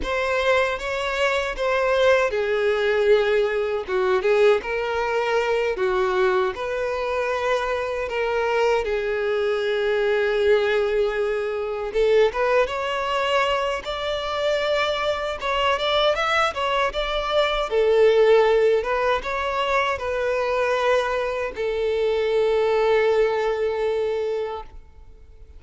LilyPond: \new Staff \with { instrumentName = "violin" } { \time 4/4 \tempo 4 = 78 c''4 cis''4 c''4 gis'4~ | gis'4 fis'8 gis'8 ais'4. fis'8~ | fis'8 b'2 ais'4 gis'8~ | gis'2.~ gis'8 a'8 |
b'8 cis''4. d''2 | cis''8 d''8 e''8 cis''8 d''4 a'4~ | a'8 b'8 cis''4 b'2 | a'1 | }